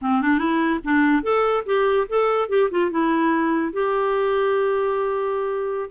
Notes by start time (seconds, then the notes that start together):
0.01 C4
0.21 D4
0.38 E4
0.84 D4
1.22 A4
1.65 G4
2.08 A4
2.48 G4
2.70 F4
2.90 E4
3.72 G4